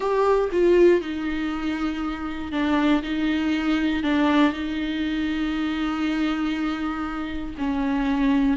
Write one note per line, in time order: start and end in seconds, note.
0.00 0.49 G4
0.52 1.01 F4
1.01 2.52 D#4
2.52 3.02 D4
3.03 4.03 D#4
4.03 4.52 D4
4.52 7.55 D#4
7.58 8.57 C#4